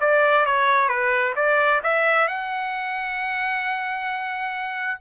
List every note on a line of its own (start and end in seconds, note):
0.00 0.45 D5
0.45 0.88 C#5
0.88 1.34 B4
1.36 1.81 D5
1.83 2.27 E5
2.27 5.00 F#5